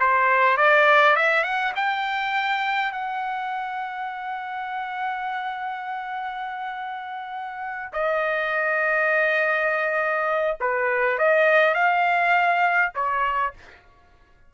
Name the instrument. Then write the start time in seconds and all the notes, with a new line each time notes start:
trumpet
0.00 C5
0.57 D5
1.16 E5
1.44 F#5
1.76 G5
2.92 F#5
7.93 D#5
10.61 B4
11.19 D#5
11.75 F5
12.95 C#5